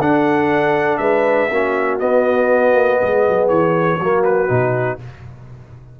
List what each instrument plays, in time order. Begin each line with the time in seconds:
0.00 trombone D4, tuba D4, horn A4, trumpet F#5
0.97 tuba G#3, horn B4, trumpet E5
1.50 tuba A#3, trombone C#4, horn F#4
1.99 trombone B3, tuba B3, trumpet D#5
2.74 tuba A#3
3.01 tuba G#3, horn G#4
3.28 tuba F#3
3.48 tuba E3, trumpet C#5
3.98 tuba F#3, trombone A#3, horn F#4
4.24 trumpet B4
4.48 tuba B2, trombone D#4